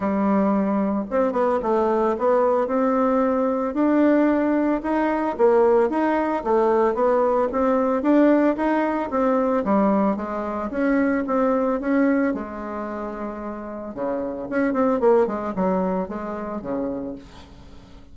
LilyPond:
\new Staff \with { instrumentName = "bassoon" } { \time 4/4 \tempo 4 = 112 g2 c'8 b8 a4 | b4 c'2 d'4~ | d'4 dis'4 ais4 dis'4 | a4 b4 c'4 d'4 |
dis'4 c'4 g4 gis4 | cis'4 c'4 cis'4 gis4~ | gis2 cis4 cis'8 c'8 | ais8 gis8 fis4 gis4 cis4 | }